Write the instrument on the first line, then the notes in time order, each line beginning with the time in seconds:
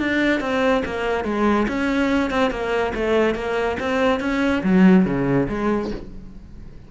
cello
0.00 D4
0.41 C4
0.86 A#3
1.25 G#3
1.68 C#4
2.30 C4
2.51 A#3
2.95 A3
3.35 A#3
3.80 C4
4.20 C#4
4.63 F#3
5.06 C#3
5.49 G#3